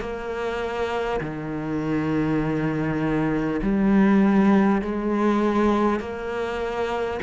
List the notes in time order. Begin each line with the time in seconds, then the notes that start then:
0.00 A#3
1.21 D#3
3.62 G3
4.82 G#3
5.99 A#3